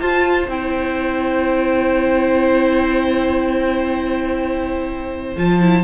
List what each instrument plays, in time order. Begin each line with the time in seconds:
0.00 viola F4, cello F4, violin C5 A5
0.48 cello C4, viola E4, violin G5
5.37 cello F3, viola F4, violin A5
5.62 viola E4